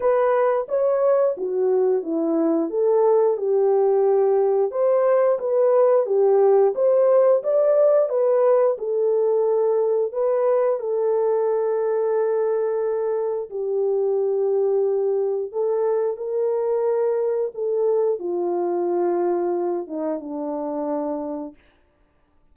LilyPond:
\new Staff \with { instrumentName = "horn" } { \time 4/4 \tempo 4 = 89 b'4 cis''4 fis'4 e'4 | a'4 g'2 c''4 | b'4 g'4 c''4 d''4 | b'4 a'2 b'4 |
a'1 | g'2. a'4 | ais'2 a'4 f'4~ | f'4. dis'8 d'2 | }